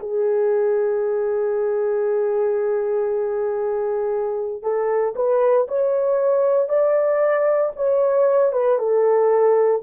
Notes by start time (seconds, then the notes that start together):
0.00 G#4
4.63 A4
5.16 B4
5.68 C#5
6.69 D5
7.76 C#5
8.53 B4
8.79 A4